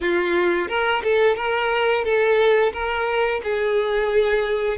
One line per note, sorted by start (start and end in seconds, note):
0.00 0.68 F4
0.68 1.02 A#4
1.03 1.36 A4
1.36 2.04 A#4
2.04 2.72 A4
2.73 3.41 A#4
3.43 4.77 G#4